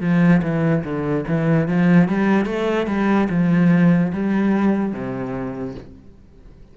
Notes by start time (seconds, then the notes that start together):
0.00 F3
0.42 E3
0.83 D3
1.27 E3
1.67 F3
2.08 G3
2.45 A3
2.87 G3
3.29 F3
4.12 G3
4.92 C3